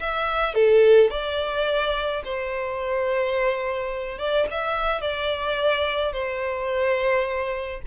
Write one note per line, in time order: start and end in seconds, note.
0.00 0.55 E5
0.55 1.11 A4
1.11 2.23 D5
2.25 4.19 C5
4.19 4.47 D5
4.51 5.01 E5
5.01 6.13 D5
6.13 7.81 C5